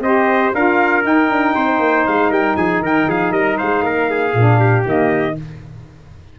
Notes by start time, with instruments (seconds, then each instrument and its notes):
0.00 tuba C4, saxophone G4, trumpet C5 D#5
0.54 tuba D4, saxophone F4, trumpet A#4 F5
1.02 saxophone D#4, tuba D#4, trumpet G5
1.29 tuba D4
1.55 tuba C4, trumpet C5
1.79 tuba A#3
2.07 tuba G#3, trumpet F5
2.30 tuba G3, trumpet A#4 G5
2.56 tuba F3, trumpet G#4 G#5
2.80 tuba D#3, trumpet A#4 G5
3.08 tuba F3, trumpet G#4 F5
3.31 tuba G3, trumpet A#4 D#5
3.58 tuba G#3, trumpet C5 F5
3.83 tuba A#3, trumpet A#4
4.10 trumpet G#4
4.34 tuba A#2, saxophone D4
4.59 trumpet G4
4.85 tuba D#3, saxophone A#3, trumpet D#5